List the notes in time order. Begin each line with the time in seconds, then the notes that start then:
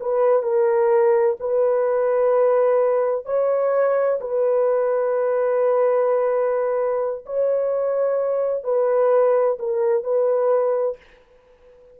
0.00 B4
0.42 A#4
1.39 B4
3.25 C#5
4.20 B4
7.25 C#5
8.63 B4
9.59 A#4
10.03 B4